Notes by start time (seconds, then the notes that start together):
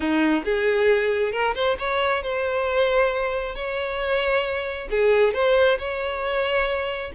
0.00 D#4
0.44 G#4
1.32 A#4
1.55 C5
1.78 C#5
2.22 C5
3.55 C#5
4.90 G#4
5.33 C5
5.78 C#5